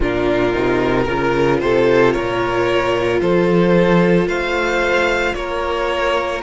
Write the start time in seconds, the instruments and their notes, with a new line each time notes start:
0.00 cello A#2, viola D4, violin F4 A#4
0.52 cello C3, viola D#4
1.04 cello C#3, viola F4, violin A#4
1.59 cello C3, violin A4 C5
2.12 cello A#2, violin A#4 C#5
3.20 cello F3, violin A4 C5
4.26 cello A3, violin C5 F5
5.34 cello A#3, violin A#4 C#5